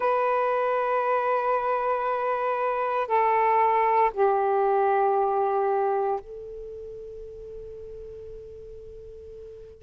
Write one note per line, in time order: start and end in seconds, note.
0.00 3.07 B4
3.07 4.11 A4
4.13 6.20 G4
6.20 9.82 A4